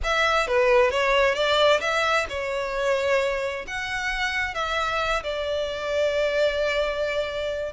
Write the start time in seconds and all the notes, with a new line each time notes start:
0.03 E5
0.47 B4
0.90 C#5
1.34 D5
1.80 E5
2.29 C#5
3.67 F#5
4.54 E5
5.23 D5